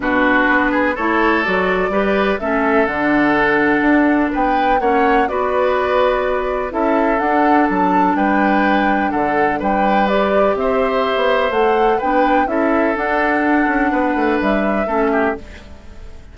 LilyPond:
<<
  \new Staff \with { instrumentName = "flute" } { \time 4/4 \tempo 4 = 125 b'2 cis''4 d''4~ | d''4 e''4 fis''2~ | fis''4 g''4 fis''4 d''4~ | d''2 e''4 fis''4 |
a''4 g''2 fis''4 | g''4 d''4 e''2 | fis''4 g''4 e''4 fis''4~ | fis''2 e''2 | }
  \new Staff \with { instrumentName = "oboe" } { \time 4/4 fis'4. gis'8 a'2 | b'4 a'2.~ | a'4 b'4 cis''4 b'4~ | b'2 a'2~ |
a'4 b'2 a'4 | b'2 c''2~ | c''4 b'4 a'2~ | a'4 b'2 a'8 g'8 | }
  \new Staff \with { instrumentName = "clarinet" } { \time 4/4 d'2 e'4 fis'4 | g'4 cis'4 d'2~ | d'2 cis'4 fis'4~ | fis'2 e'4 d'4~ |
d'1~ | d'4 g'2. | a'4 d'4 e'4 d'4~ | d'2. cis'4 | }
  \new Staff \with { instrumentName = "bassoon" } { \time 4/4 b,4 b4 a4 fis4 | g4 a4 d2 | d'4 b4 ais4 b4~ | b2 cis'4 d'4 |
fis4 g2 d4 | g2 c'4~ c'16 b8. | a4 b4 cis'4 d'4~ | d'8 cis'8 b8 a8 g4 a4 | }
>>